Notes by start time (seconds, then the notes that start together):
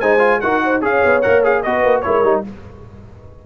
0.00 G#3 D#4 C5 G#5
0.19 F4
0.40 D#4 F#4 A#4 F#5
0.64 C5
0.81 C#4 G#4 C#5 F5
1.05 B3
1.22 A#3 A#4 F#5
1.44 G#4 F5
1.63 B3 F#4 B4 D#5
1.84 A#3
2.01 G#3 E4 A#4 C#5
2.23 G3 D#4